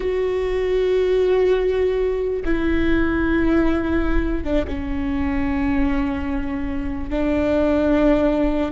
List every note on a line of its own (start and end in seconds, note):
0.00 2.43 F#4
2.45 4.44 E4
4.44 4.64 D4
4.67 7.09 C#4
7.09 8.71 D4